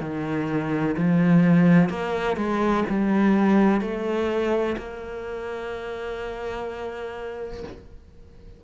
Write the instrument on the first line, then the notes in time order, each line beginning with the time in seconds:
cello
0.00 D#3
0.97 F3
1.89 A#3
2.36 G#3
2.89 G3
3.81 A3
4.77 A#3